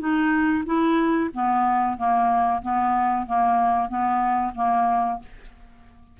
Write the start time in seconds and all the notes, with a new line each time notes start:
0.00 D#4
0.66 E4
1.34 B3
1.98 A#3
2.62 B3
3.27 A#3
3.89 B3
4.55 A#3